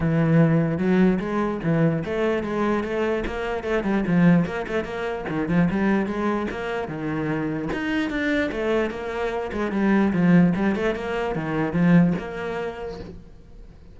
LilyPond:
\new Staff \with { instrumentName = "cello" } { \time 4/4 \tempo 4 = 148 e2 fis4 gis4 | e4 a4 gis4 a4 | ais4 a8 g8 f4 ais8 a8 | ais4 dis8 f8 g4 gis4 |
ais4 dis2 dis'4 | d'4 a4 ais4. gis8 | g4 f4 g8 a8 ais4 | dis4 f4 ais2 | }